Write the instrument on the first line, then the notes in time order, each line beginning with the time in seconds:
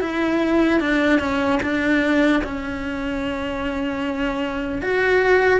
cello
0.00 E4
0.80 D4
1.19 C#4
1.62 D4
2.43 C#4
4.81 F#4